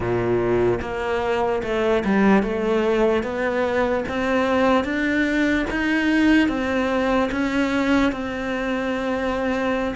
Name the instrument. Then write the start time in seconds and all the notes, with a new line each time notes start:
cello
0.00 A#2
0.81 A#3
1.63 A3
2.04 G3
2.43 A3
3.22 B3
4.08 C4
4.84 D4
5.70 D#4
6.48 C4
7.31 C#4
8.12 C4